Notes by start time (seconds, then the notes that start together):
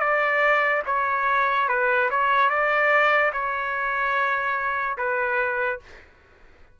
0.00 D5
0.86 C#5
1.68 B4
2.10 C#5
2.50 D5
3.33 C#5
4.97 B4